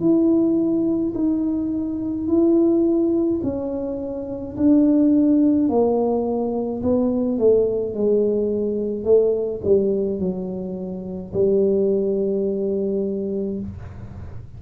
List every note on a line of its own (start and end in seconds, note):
0.00 1.13 E4
1.15 2.28 D#4
2.28 3.41 E4
3.43 4.56 C#4
4.56 5.69 D4
5.69 6.82 A#3
6.82 7.38 B3
7.38 7.94 A3
7.94 9.04 G#3
9.04 9.61 A3
9.64 10.19 G3
10.19 11.33 F#3
11.34 13.60 G3